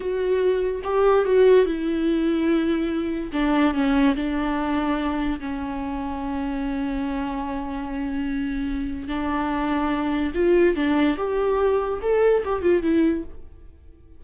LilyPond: \new Staff \with { instrumentName = "viola" } { \time 4/4 \tempo 4 = 145 fis'2 g'4 fis'4 | e'1 | d'4 cis'4 d'2~ | d'4 cis'2.~ |
cis'1~ | cis'2 d'2~ | d'4 f'4 d'4 g'4~ | g'4 a'4 g'8 f'8 e'4 | }